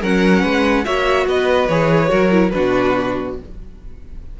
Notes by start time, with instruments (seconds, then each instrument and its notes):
0.00 cello F#3, viola C#4, violin A#4 F#5
0.42 cello G#3, violin B4
0.84 cello A#3, viola F#4, violin C#5 E5
1.26 cello B3, violin B4 D#5
1.68 cello E3, viola G#4, violin C#5
2.08 cello F#3, viola F#4, violin A#4
2.31 viola E4
2.49 viola D4, violin F#4 B4
2.56 cello B2